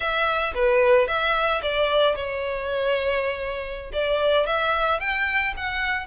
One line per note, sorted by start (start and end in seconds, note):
0.00 0.53 E5
0.54 1.07 B4
1.07 1.61 E5
1.62 2.15 D5
2.15 3.91 C#5
3.92 4.46 D5
4.46 5.00 E5
5.00 5.54 G5
5.56 6.06 F#5